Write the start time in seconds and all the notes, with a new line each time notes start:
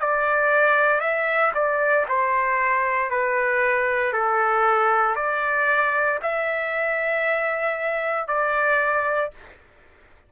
0.00 D5
1.00 E5
1.54 D5
2.08 C5
3.10 B4
4.13 A4
5.15 D5
6.22 E5
8.28 D5